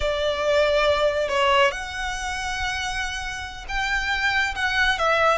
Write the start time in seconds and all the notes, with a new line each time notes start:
0.00 D5
1.28 C#5
1.71 F#5
3.68 G5
4.55 F#5
4.98 E5